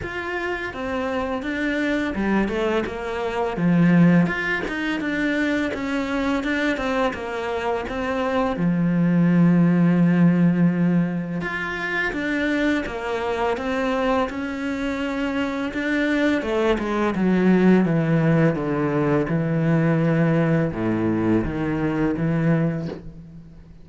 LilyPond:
\new Staff \with { instrumentName = "cello" } { \time 4/4 \tempo 4 = 84 f'4 c'4 d'4 g8 a8 | ais4 f4 f'8 dis'8 d'4 | cis'4 d'8 c'8 ais4 c'4 | f1 |
f'4 d'4 ais4 c'4 | cis'2 d'4 a8 gis8 | fis4 e4 d4 e4~ | e4 a,4 dis4 e4 | }